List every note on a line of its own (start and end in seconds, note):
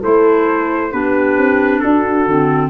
0.00 0.93 A3
0.00 0.91 E4
0.00 0.90 A4
0.00 0.92 C5
0.91 1.37 B3
0.91 2.25 D4
0.91 1.82 G4
0.91 1.80 B4
1.37 1.82 C4
1.80 2.26 D4
1.80 2.69 F#4
1.80 2.69 A4
2.26 2.69 D3
2.26 2.69 C4